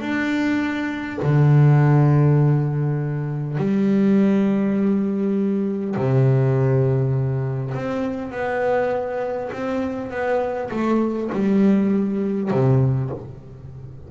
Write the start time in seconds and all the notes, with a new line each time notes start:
0.00 D4
1.22 D3
3.57 G3
5.96 C3
7.74 C4
8.31 B3
9.52 C4
10.10 B3
10.70 A3
11.32 G3
12.51 C3